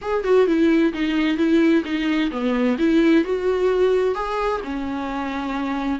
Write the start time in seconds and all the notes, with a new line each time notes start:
0.01 G#4
0.23 F#4
0.46 E4
0.93 D#4
1.37 E4
1.84 D#4
2.31 B3
2.78 E4
3.24 F#4
4.14 G#4
4.64 C#4